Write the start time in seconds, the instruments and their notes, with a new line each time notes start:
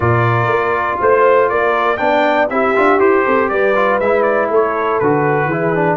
0.00 tuba A#2, trombone F4, horn A#4, trumpet D5
0.47 tuba A#3
1.00 tuba A3, horn C5, trumpet C5
1.49 tuba A#3, horn A#4, trumpet D5
1.97 tuba B3, trombone D4, horn D5, trumpet G5
2.49 tuba C4, trombone E4, horn G4, trumpet E5
2.75 tuba D4, trombone F4
2.98 tuba E4, trombone G4, trumpet C5
3.25 tuba C4, horn A4
3.48 tuba G3, horn B4, trumpet D5
3.75 trombone F4
4.00 tuba G#3, trombone E4, trumpet E5
4.22 trumpet D5
4.49 tuba A3, horn A4, trumpet C#5
4.99 tuba D3, trombone F#4, trumpet B4
5.45 tuba E3, horn G#4
5.52 trombone E4
5.74 trombone D4